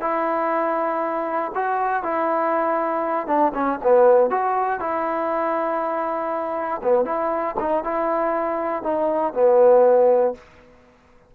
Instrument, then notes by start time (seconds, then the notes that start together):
trombone
0.00 E4
1.55 F#4
2.03 E4
3.27 D4
3.54 C#4
3.83 B3
4.30 F#4
4.79 E4
6.83 B3
7.05 E4
7.59 D#4
7.84 E4
8.83 D#4
9.33 B3